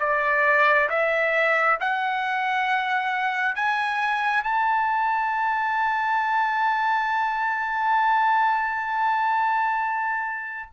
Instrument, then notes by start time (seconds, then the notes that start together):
trumpet
0.00 D5
0.90 E5
1.81 F#5
3.56 G#5
4.43 A5